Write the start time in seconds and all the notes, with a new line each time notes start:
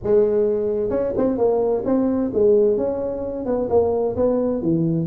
0.03 G#3
0.89 C#4
1.17 C4
1.37 A#3
1.85 C4
2.33 G#3
2.77 C#4
3.45 B3
3.69 A#3
4.15 B3
4.62 E3